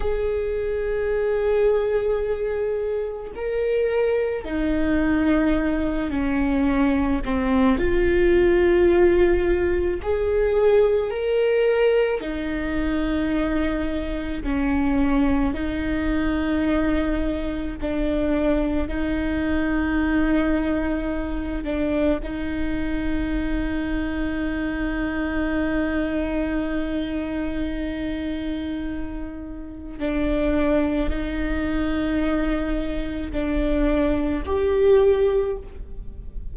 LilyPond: \new Staff \with { instrumentName = "viola" } { \time 4/4 \tempo 4 = 54 gis'2. ais'4 | dis'4. cis'4 c'8 f'4~ | f'4 gis'4 ais'4 dis'4~ | dis'4 cis'4 dis'2 |
d'4 dis'2~ dis'8 d'8 | dis'1~ | dis'2. d'4 | dis'2 d'4 g'4 | }